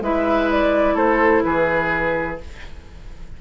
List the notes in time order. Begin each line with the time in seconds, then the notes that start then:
0.00 G#3 E4 B4 E5
0.51 D5
0.94 A3 A4 C5
1.43 E3 G#4 B4